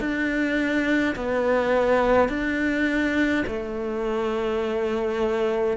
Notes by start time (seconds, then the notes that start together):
0.00 D4
1.16 B3
2.29 D4
3.47 A3